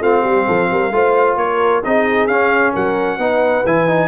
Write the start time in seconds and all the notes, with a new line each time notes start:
0.00 A3 C4 F4 F5
0.22 G3 G4
0.48 F3 A4
0.71 G3 A#4
0.91 A3 F4 C5
1.36 A#3 A#4 C#5
1.84 C4 D#4 G#4 D#5
2.27 C#4 F5
2.73 F#3 A#4 F#5
3.18 B3 D#4 B4
3.65 E3 E4 G#5
3.88 D#4